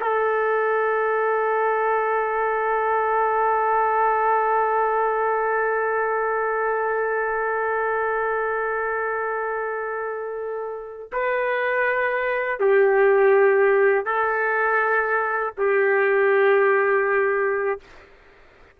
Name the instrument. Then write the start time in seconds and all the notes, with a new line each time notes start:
trumpet
0.00 A4
11.12 B4
12.59 G4
14.05 A4
15.57 G4